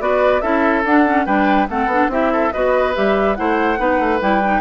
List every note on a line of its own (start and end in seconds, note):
0.00 0.42 B3
0.00 0.42 F#4
0.00 0.42 B4
0.00 0.41 D5
0.41 0.85 C#4
0.41 0.85 E4
0.41 1.26 A4
0.41 0.83 E5
0.85 1.26 D4
0.85 1.06 D4
0.85 1.26 F#5
1.06 1.27 C#4
1.26 1.68 G3
1.26 1.69 D4
1.26 1.68 B4
1.26 1.68 G5
1.69 1.86 A3
1.69 1.90 C4
1.69 2.12 A4
1.69 2.12 F#5
1.86 2.07 B3
1.92 2.11 D4
2.08 2.50 C4
2.08 2.53 E4
2.08 2.32 G4
2.08 2.52 E5
2.32 2.53 A4
2.52 2.97 B3
2.52 2.94 F#4
2.52 3.38 B4
2.52 2.94 D#5
2.94 3.39 G3
2.94 3.36 G4
2.94 3.36 E5
3.36 3.79 A3
3.36 3.78 E4
3.36 3.79 C5
3.36 4.20 F#5
3.78 4.00 B3
3.78 4.20 D#4
3.78 4.61 B4
4.00 4.21 A3
4.21 4.61 G3
4.21 4.42 E4
4.21 4.61 G5
4.44 4.61 D#4